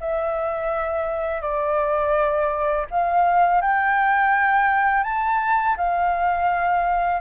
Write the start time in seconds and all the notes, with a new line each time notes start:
0.00 E5
1.41 D5
2.90 F5
3.61 G5
5.03 A5
5.77 F5